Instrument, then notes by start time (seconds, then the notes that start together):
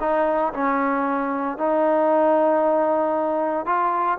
trombone
0.00 D#4
0.53 C#4
1.57 D#4
3.65 F4